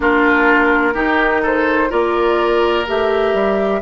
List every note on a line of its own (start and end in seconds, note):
0.00 0.94 A#3
0.00 0.93 D4
0.00 0.94 F4
0.00 1.44 A#4
0.94 1.90 D#3
0.94 1.89 D#4
0.94 1.41 G4
1.42 1.89 A4
1.42 1.91 C5
1.89 2.87 A#3
1.89 2.84 F4
1.89 3.80 A#4
1.89 2.86 D5
2.87 3.33 A3
2.87 3.81 G4
2.87 3.81 E5
3.33 3.81 G3